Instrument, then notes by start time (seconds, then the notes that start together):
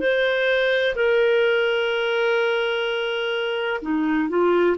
clarinet
0.00 C5
0.96 A#4
3.82 D#4
4.29 F4